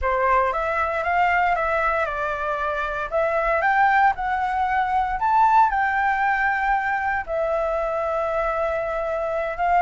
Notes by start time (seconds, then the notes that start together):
0.01 C5
0.52 E5
1.03 F5
1.55 E5
2.05 D5
3.10 E5
3.61 G5
4.15 F#5
5.19 A5
5.70 G5
7.26 E5
9.57 F5